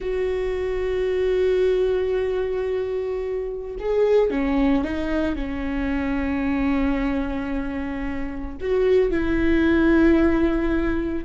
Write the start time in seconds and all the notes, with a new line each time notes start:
0.00 F#4
3.79 G#4
4.30 C#4
4.84 D#4
5.35 C#4
8.61 F#4
9.10 E4